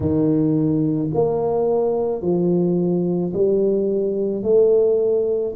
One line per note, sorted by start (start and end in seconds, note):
0.00 1.10 D#3
1.14 2.21 A#3
2.21 3.32 F3
3.33 4.42 G3
4.42 5.54 A3